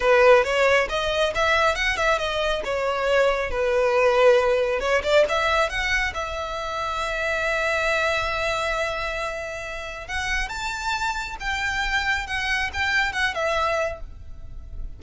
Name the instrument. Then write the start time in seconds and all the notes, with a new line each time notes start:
violin
0.00 B4
0.44 C#5
0.89 D#5
1.34 E5
1.75 F#5
1.96 E5
2.18 D#5
2.64 C#5
3.50 B4
4.80 C#5
5.03 D5
5.28 E5
5.69 F#5
6.14 E5
10.07 F#5
10.49 A5
11.40 G5
12.26 F#5
12.73 G5
13.12 F#5
13.34 E5